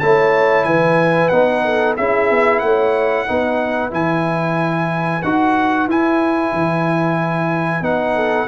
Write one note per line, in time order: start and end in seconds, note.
0.00 0.65 A3
0.00 1.32 E4
0.00 0.67 C#5
0.00 0.64 A5
0.64 1.30 E3
0.64 1.65 B4
0.64 1.29 G#5
1.29 1.97 B3
1.29 1.98 D#4
1.29 1.94 F#5
1.65 1.98 A4
1.97 2.30 C#4
1.97 3.27 E4
1.97 2.63 G#4
1.97 2.60 E5
2.30 2.62 B3
2.60 3.27 A3
2.60 3.27 C#5
2.60 3.90 F#5
3.27 3.92 B3
3.27 3.91 D#4
3.27 8.15 B4
3.91 5.23 E3
3.91 5.21 E4
3.91 5.23 G#5
5.23 5.87 D#4
5.23 5.89 F#4
5.23 5.88 F#5
5.87 6.53 E4
5.87 7.83 E4
5.87 7.84 G#5
6.53 7.82 E3
7.82 8.47 B3
7.82 8.48 D#4
7.82 8.48 F#5
8.15 8.48 A4